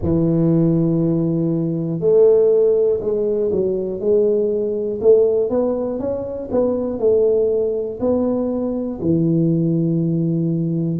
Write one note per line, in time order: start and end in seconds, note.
0.02 2.00 E3
2.00 3.00 A3
3.00 3.50 G#3
3.51 4.00 F#3
4.00 5.00 G#3
5.00 5.49 A3
5.49 5.99 B3
5.99 6.49 C#4
6.50 6.99 B3
6.99 7.99 A3
8.00 9.00 B3
9.00 10.99 E3